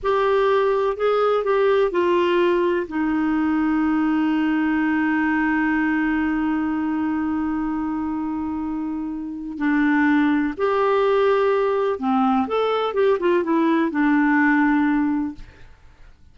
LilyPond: \new Staff \with { instrumentName = "clarinet" } { \time 4/4 \tempo 4 = 125 g'2 gis'4 g'4 | f'2 dis'2~ | dis'1~ | dis'1~ |
dis'1 | d'2 g'2~ | g'4 c'4 a'4 g'8 f'8 | e'4 d'2. | }